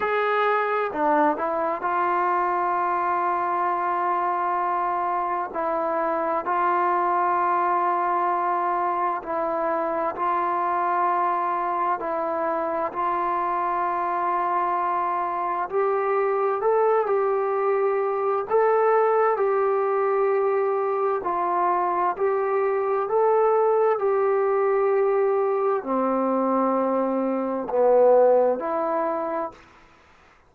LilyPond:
\new Staff \with { instrumentName = "trombone" } { \time 4/4 \tempo 4 = 65 gis'4 d'8 e'8 f'2~ | f'2 e'4 f'4~ | f'2 e'4 f'4~ | f'4 e'4 f'2~ |
f'4 g'4 a'8 g'4. | a'4 g'2 f'4 | g'4 a'4 g'2 | c'2 b4 e'4 | }